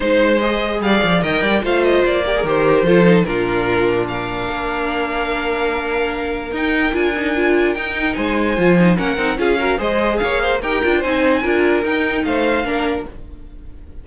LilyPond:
<<
  \new Staff \with { instrumentName = "violin" } { \time 4/4 \tempo 4 = 147 c''4 dis''4 f''4 g''4 | f''8 dis''8 d''4 c''2 | ais'2 f''2~ | f''1 |
g''4 gis''2 g''4 | gis''2 fis''4 f''4 | dis''4 f''4 g''4 gis''4~ | gis''4 g''4 f''2 | }
  \new Staff \with { instrumentName = "violin" } { \time 4/4 c''2 d''4 dis''8 d''8 | c''4. ais'4. a'4 | f'2 ais'2~ | ais'1~ |
ais'1 | c''2 ais'4 gis'8 ais'8 | c''4 cis''8 c''8 ais'4 c''4 | ais'2 c''4 ais'4 | }
  \new Staff \with { instrumentName = "viola" } { \time 4/4 dis'4 gis'2 ais'4 | f'4. g'16 gis'16 g'4 f'8 dis'8 | d'1~ | d'1 |
dis'4 f'8 dis'8 f'4 dis'4~ | dis'4 f'8 dis'8 cis'8 dis'8 f'8 fis'8 | gis'2 g'8 f'8 dis'4 | f'4 dis'2 d'4 | }
  \new Staff \with { instrumentName = "cello" } { \time 4/4 gis2 g8 f8 dis8 g8 | a4 ais4 dis4 f4 | ais,2. ais4~ | ais1 |
dis'4 d'2 dis'4 | gis4 f4 ais8 c'8 cis'4 | gis4 ais4 dis'8 d'8 c'4 | d'4 dis'4 a4 ais4 | }
>>